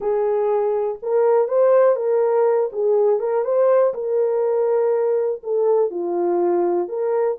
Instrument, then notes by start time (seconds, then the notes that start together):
horn
0.00 G#4
1.02 A#4
1.48 C5
1.96 A#4
2.72 G#4
3.19 A#4
3.44 C5
3.93 A#4
5.43 A4
5.90 F4
6.88 A#4